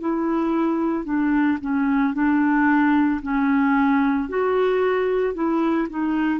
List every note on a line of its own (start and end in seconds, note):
0.00 1.05 E4
1.05 1.58 D4
1.61 2.14 C#4
2.14 3.21 D4
3.22 4.29 C#4
4.29 5.34 F#4
5.34 5.88 E4
5.90 6.40 D#4